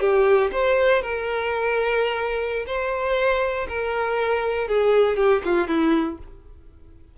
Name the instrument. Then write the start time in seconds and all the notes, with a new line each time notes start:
violin
0.00 G4
0.52 C5
1.02 A#4
2.66 C5
3.68 A#4
4.68 G#4
5.17 G4
5.45 F4
5.67 E4